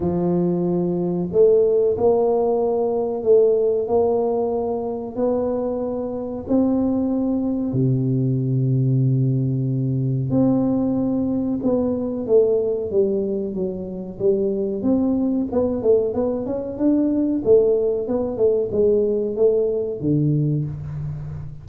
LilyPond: \new Staff \with { instrumentName = "tuba" } { \time 4/4 \tempo 4 = 93 f2 a4 ais4~ | ais4 a4 ais2 | b2 c'2 | c1 |
c'2 b4 a4 | g4 fis4 g4 c'4 | b8 a8 b8 cis'8 d'4 a4 | b8 a8 gis4 a4 d4 | }